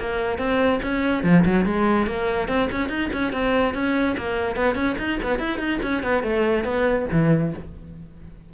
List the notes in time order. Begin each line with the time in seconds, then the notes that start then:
0.00 A#3
0.39 C4
0.83 C#4
1.24 F3
1.45 F#3
1.66 G#3
2.07 A#3
2.48 C4
2.72 C#4
2.89 D#4
3.13 C#4
3.33 C4
3.75 C#4
4.18 A#3
4.56 B3
4.75 C#4
4.99 D#4
5.23 B3
5.39 E4
5.59 D#4
5.83 C#4
6.03 B3
6.23 A3
6.65 B3
7.12 E3